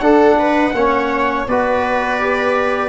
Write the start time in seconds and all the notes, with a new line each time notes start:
0.00 D4 A4 F#5
0.39 B4
0.74 A#3 C#4 C#5
1.47 B3 F#4 B4 D5
2.20 G4